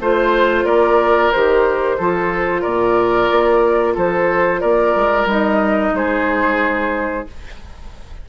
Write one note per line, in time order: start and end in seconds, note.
0.00 0.65 A3
0.00 1.33 F4
0.00 0.65 C5
0.00 0.66 C5
0.65 1.31 A#3
0.65 1.96 A#4
0.65 1.31 D5
1.32 1.99 D#3
1.32 2.00 G4
1.32 2.62 C5
1.98 2.65 F3
1.98 5.29 F4
1.98 2.62 A4
2.62 3.31 A#2
2.62 3.93 A#4
2.62 3.94 D5
3.31 3.97 A#3
3.95 4.63 F3
3.95 4.61 A4
3.95 4.61 C5
4.61 4.95 A#3
4.61 5.93 A#4
4.61 5.27 D5
4.95 5.25 G#3
5.25 5.91 G3
5.25 7.27 D#4
5.25 5.95 D#5
5.93 7.25 G#3
5.93 7.29 G#4
5.93 7.27 C5